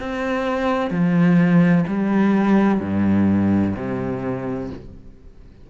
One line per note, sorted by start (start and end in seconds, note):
0.00 0.91 C4
0.91 1.85 F3
1.87 2.80 G3
2.80 3.74 G2
3.76 4.70 C3